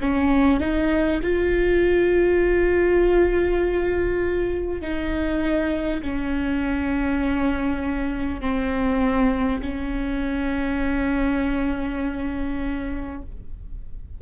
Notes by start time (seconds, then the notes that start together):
0.00 C#4
0.59 D#4
1.22 F4
4.81 D#4
6.02 C#4
8.40 C4
9.61 C#4